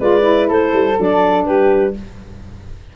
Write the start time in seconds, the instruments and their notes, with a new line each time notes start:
0.00 tuba G#3, saxophone F4, flute B4, clarinet D5
0.21 saxophone E4
0.49 tuba A3, flute A4, clarinet C5
0.74 tuba G3
0.97 tuba F#3, saxophone D4, clarinet D5
1.45 tuba G3, flute G4, clarinet B4